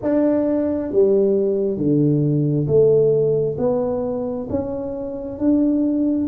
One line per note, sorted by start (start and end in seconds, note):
0.02 0.91 D4
0.91 1.77 G3
1.77 2.66 D3
2.67 3.56 A3
3.58 4.47 B3
4.49 5.38 C#4
5.38 6.28 D4